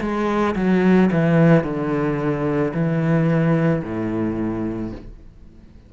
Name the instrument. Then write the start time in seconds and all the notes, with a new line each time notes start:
cello
0.00 G#3
0.55 F#3
1.11 E3
1.63 D3
2.73 E3
3.83 A2